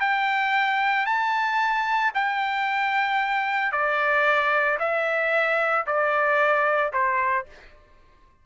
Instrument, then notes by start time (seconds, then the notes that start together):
trumpet
0.00 G5
1.06 A5
2.15 G5
3.72 D5
4.80 E5
5.86 D5
6.93 C5